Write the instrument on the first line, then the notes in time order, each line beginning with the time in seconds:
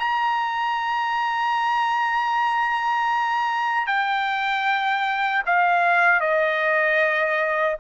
trumpet
0.00 A#5
3.87 G5
5.47 F5
6.21 D#5